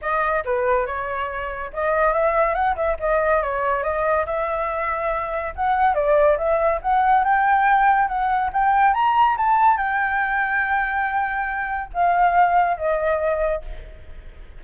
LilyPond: \new Staff \with { instrumentName = "flute" } { \time 4/4 \tempo 4 = 141 dis''4 b'4 cis''2 | dis''4 e''4 fis''8 e''8 dis''4 | cis''4 dis''4 e''2~ | e''4 fis''4 d''4 e''4 |
fis''4 g''2 fis''4 | g''4 ais''4 a''4 g''4~ | g''1 | f''2 dis''2 | }